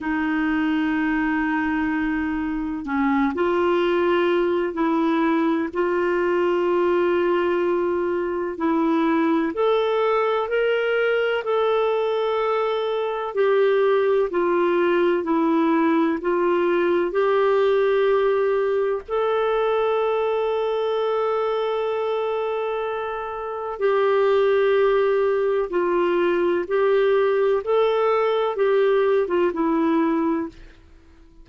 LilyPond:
\new Staff \with { instrumentName = "clarinet" } { \time 4/4 \tempo 4 = 63 dis'2. cis'8 f'8~ | f'4 e'4 f'2~ | f'4 e'4 a'4 ais'4 | a'2 g'4 f'4 |
e'4 f'4 g'2 | a'1~ | a'4 g'2 f'4 | g'4 a'4 g'8. f'16 e'4 | }